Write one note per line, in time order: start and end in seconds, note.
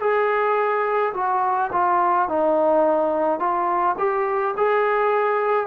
0.00 1.13 G#4
1.14 1.71 F#4
1.72 2.28 F4
2.28 3.39 D#4
3.39 3.96 F4
3.98 4.55 G4
4.57 5.67 G#4